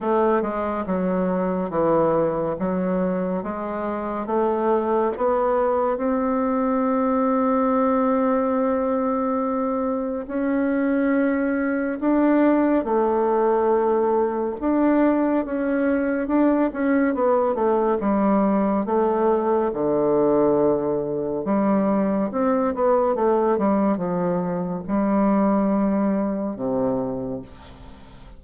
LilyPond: \new Staff \with { instrumentName = "bassoon" } { \time 4/4 \tempo 4 = 70 a8 gis8 fis4 e4 fis4 | gis4 a4 b4 c'4~ | c'1 | cis'2 d'4 a4~ |
a4 d'4 cis'4 d'8 cis'8 | b8 a8 g4 a4 d4~ | d4 g4 c'8 b8 a8 g8 | f4 g2 c4 | }